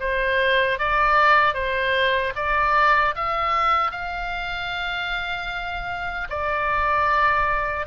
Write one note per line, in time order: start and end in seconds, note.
0.00 0.79 C5
0.79 1.54 D5
1.54 2.33 C5
2.35 3.14 D5
3.15 3.91 E5
3.91 6.28 F5
6.29 7.86 D5